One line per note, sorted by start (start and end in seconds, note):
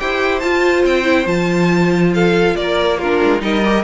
0.00 0.43 E4
0.00 0.43 G4
0.00 2.14 C5
0.00 0.40 G5
0.40 1.04 F4
0.40 0.85 F4
0.40 0.83 A5
0.85 1.26 C4
0.85 1.27 G5
1.04 1.25 E4
1.26 2.55 F3
1.26 2.98 F4
1.26 2.13 A5
2.14 2.57 A4
2.14 2.56 F5
2.56 3.21 A#3
2.56 2.99 A#4
2.56 2.99 D5
2.99 3.40 D4
2.99 3.42 F4
2.99 3.42 A#4
3.24 3.42 G#3
3.40 3.84 G3
3.40 3.61 D#4
3.40 3.84 A#4
3.40 3.84 D#5
3.65 3.84 G4